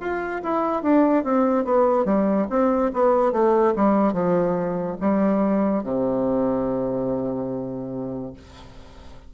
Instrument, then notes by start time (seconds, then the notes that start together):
bassoon
0.00 F4
0.43 E4
0.82 D4
1.23 C4
1.64 B3
2.05 G3
2.49 C4
2.93 B3
3.32 A3
3.75 G3
4.13 F3
5.00 G3
5.83 C3